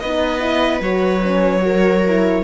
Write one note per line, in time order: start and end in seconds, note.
0.00 0.81 B3
0.00 0.40 D#4
0.00 1.63 B4
0.00 0.81 D#5
0.40 0.80 E4
0.81 2.43 F#3
0.81 1.21 F#4
0.81 2.44 C#5
1.23 1.60 C#4
1.60 2.01 F#4
1.60 2.44 A#4
2.06 2.44 E4